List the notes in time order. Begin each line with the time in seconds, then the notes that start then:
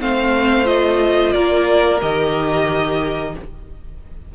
0.00 A3 C4 C5 F5
0.65 F4 D#5
1.32 A#3 A#4 D5
2.01 D#3 G4 D#5